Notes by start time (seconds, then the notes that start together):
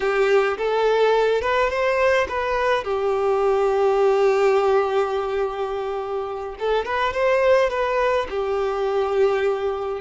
0.00 G4
0.57 A4
1.41 B4
1.70 C5
2.28 B4
2.84 G4
6.59 A4
6.85 B4
7.13 C5
7.70 B4
8.29 G4